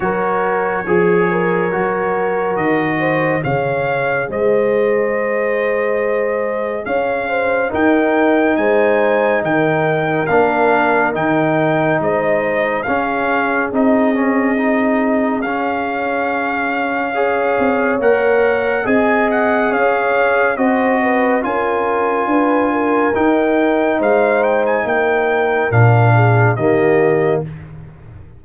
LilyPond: <<
  \new Staff \with { instrumentName = "trumpet" } { \time 4/4 \tempo 4 = 70 cis''2. dis''4 | f''4 dis''2. | f''4 g''4 gis''4 g''4 | f''4 g''4 dis''4 f''4 |
dis''2 f''2~ | f''4 fis''4 gis''8 fis''8 f''4 | dis''4 gis''2 g''4 | f''8 g''16 gis''16 g''4 f''4 dis''4 | }
  \new Staff \with { instrumentName = "horn" } { \time 4/4 ais'4 gis'8 ais'2 c''8 | cis''4 c''2. | cis''8 c''8 ais'4 c''4 ais'4~ | ais'2 c''4 gis'4~ |
gis'1 | cis''2 dis''4 cis''4 | c''8 b'8 ais'4 b'8 ais'4. | c''4 ais'4. gis'8 g'4 | }
  \new Staff \with { instrumentName = "trombone" } { \time 4/4 fis'4 gis'4 fis'2 | gis'1~ | gis'4 dis'2. | d'4 dis'2 cis'4 |
dis'8 cis'8 dis'4 cis'2 | gis'4 ais'4 gis'2 | fis'4 f'2 dis'4~ | dis'2 d'4 ais4 | }
  \new Staff \with { instrumentName = "tuba" } { \time 4/4 fis4 f4 fis4 dis4 | cis4 gis2. | cis'4 dis'4 gis4 dis4 | ais4 dis4 gis4 cis'4 |
c'2 cis'2~ | cis'8 c'8 ais4 c'4 cis'4 | c'4 cis'4 d'4 dis'4 | gis4 ais4 ais,4 dis4 | }
>>